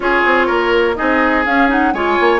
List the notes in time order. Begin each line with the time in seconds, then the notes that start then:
0.00 C#4 F4 G#4 C#5
0.25 C4
0.46 A#3 A#4
0.95 C4 D#4 G#4 D#5
1.45 C#4 F5
1.68 D#4 F#5
1.93 G#3 F4 C#5 G#5
2.20 A#3